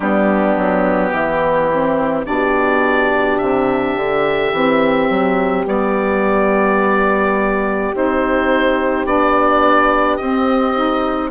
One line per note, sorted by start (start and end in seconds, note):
0.00 0.56 G3
0.00 1.71 B3
0.00 1.11 D4
0.00 2.26 G4
0.56 1.11 F#3
1.11 2.24 E3
1.11 2.24 E4
1.71 2.25 C4
2.25 3.40 B2
2.25 4.51 D4
2.25 11.31 G4
2.25 3.37 D5
3.37 3.95 C3
3.37 5.64 E5
3.95 4.52 D3
4.52 5.08 E3
4.52 5.66 C4
5.09 5.66 F#3
5.66 7.92 G3
5.66 7.92 B3
5.66 7.94 D5
7.93 9.05 C4
7.93 9.06 D#4
7.93 9.06 C5
9.05 10.18 B3
9.05 10.19 D4
9.05 10.16 D5
10.16 10.75 C4
10.16 11.31 C4
10.16 11.29 D#5
10.75 11.31 D#4